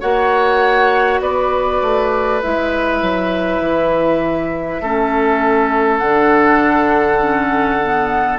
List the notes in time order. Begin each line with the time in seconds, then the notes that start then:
0.00 A#3 F#4 C#5 F#5
1.20 B3 B4 D5
1.81 A3
2.40 G#3 E4 E5
3.02 F#3
3.60 E3
4.81 A3 C#4 A4
5.98 D3 D4 F#5
7.20 C#4
7.83 B3